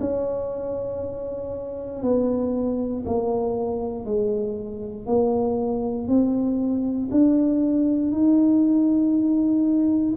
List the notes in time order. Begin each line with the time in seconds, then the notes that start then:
0.00 C#4
2.02 B3
3.06 A#3
4.05 G#3
5.07 A#3
6.08 C4
7.11 D4
8.12 D#4